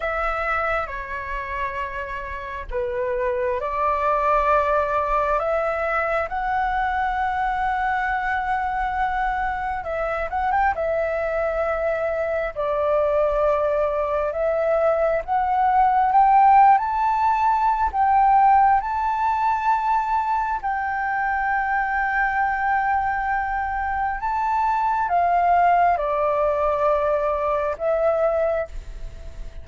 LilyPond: \new Staff \with { instrumentName = "flute" } { \time 4/4 \tempo 4 = 67 e''4 cis''2 b'4 | d''2 e''4 fis''4~ | fis''2. e''8 fis''16 g''16 | e''2 d''2 |
e''4 fis''4 g''8. a''4~ a''16 | g''4 a''2 g''4~ | g''2. a''4 | f''4 d''2 e''4 | }